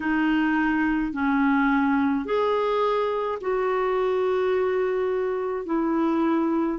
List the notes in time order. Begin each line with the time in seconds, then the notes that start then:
0.00 D#4
1.12 C#4
2.25 G#4
3.41 F#4
5.65 E4